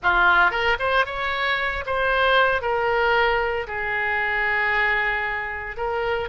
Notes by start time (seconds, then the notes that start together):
0.03 F4
0.50 A#4
0.79 C5
1.05 C#5
1.86 C5
2.61 A#4
3.67 G#4
5.76 A#4